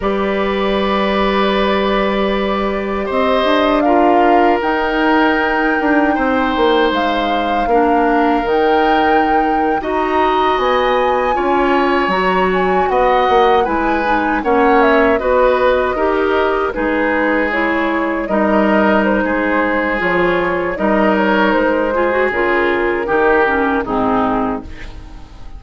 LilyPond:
<<
  \new Staff \with { instrumentName = "flute" } { \time 4/4 \tempo 4 = 78 d''1 | dis''4 f''4 g''2~ | g''4 f''2 g''4~ | g''8. ais''4 gis''2 ais''16~ |
ais''16 gis''8 fis''4 gis''4 fis''8 e''8 dis''16~ | dis''4.~ dis''16 b'4 cis''4 dis''16~ | dis''8. c''4~ c''16 cis''4 dis''8 cis''8 | c''4 ais'2 gis'4 | }
  \new Staff \with { instrumentName = "oboe" } { \time 4/4 b'1 | c''4 ais'2. | c''2 ais'2~ | ais'8. dis''2 cis''4~ cis''16~ |
cis''8. dis''4 b'4 cis''4 b'16~ | b'8. ais'4 gis'2 ais'16~ | ais'4 gis'2 ais'4~ | ais'8 gis'4. g'4 dis'4 | }
  \new Staff \with { instrumentName = "clarinet" } { \time 4/4 g'1~ | g'4 f'4 dis'2~ | dis'2 d'4 dis'4~ | dis'8. fis'2 f'4 fis'16~ |
fis'4.~ fis'16 e'8 dis'8 cis'4 fis'16~ | fis'8. g'4 dis'4 e'4 dis'16~ | dis'2 f'4 dis'4~ | dis'8 f'16 fis'16 f'4 dis'8 cis'8 c'4 | }
  \new Staff \with { instrumentName = "bassoon" } { \time 4/4 g1 | c'8 d'4. dis'4. d'8 | c'8 ais8 gis4 ais4 dis4~ | dis8. dis'4 b4 cis'4 fis16~ |
fis8. b8 ais8 gis4 ais4 b16~ | b8. dis'4 gis2 g16~ | g4 gis4 f4 g4 | gis4 cis4 dis4 gis,4 | }
>>